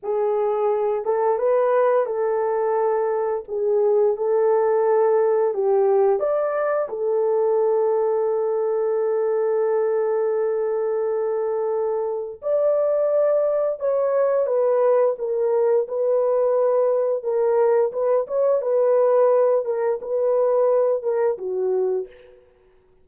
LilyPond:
\new Staff \with { instrumentName = "horn" } { \time 4/4 \tempo 4 = 87 gis'4. a'8 b'4 a'4~ | a'4 gis'4 a'2 | g'4 d''4 a'2~ | a'1~ |
a'2 d''2 | cis''4 b'4 ais'4 b'4~ | b'4 ais'4 b'8 cis''8 b'4~ | b'8 ais'8 b'4. ais'8 fis'4 | }